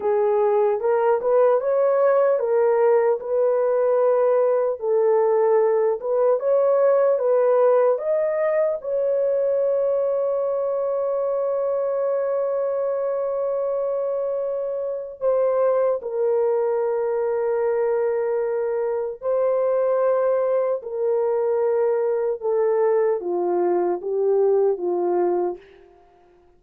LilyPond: \new Staff \with { instrumentName = "horn" } { \time 4/4 \tempo 4 = 75 gis'4 ais'8 b'8 cis''4 ais'4 | b'2 a'4. b'8 | cis''4 b'4 dis''4 cis''4~ | cis''1~ |
cis''2. c''4 | ais'1 | c''2 ais'2 | a'4 f'4 g'4 f'4 | }